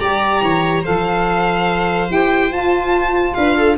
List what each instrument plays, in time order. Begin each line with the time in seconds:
0.00 tuba G3, saxophone G4, viola D5, violin A#5
0.42 tuba E3, viola C#5
0.82 tuba F3, saxophone A4, viola C5, violin F5
2.08 tuba E4, saxophone G4, violin G5
2.51 saxophone F4, tuba F4, violin A5
3.34 tuba D4, viola B4, violin F5
3.57 viola A4